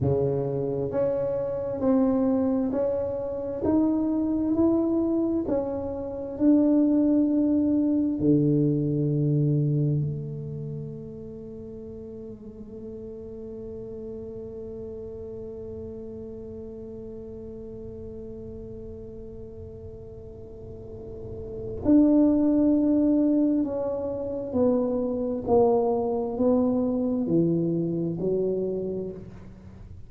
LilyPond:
\new Staff \with { instrumentName = "tuba" } { \time 4/4 \tempo 4 = 66 cis4 cis'4 c'4 cis'4 | dis'4 e'4 cis'4 d'4~ | d'4 d2 a4~ | a1~ |
a1~ | a1 | d'2 cis'4 b4 | ais4 b4 e4 fis4 | }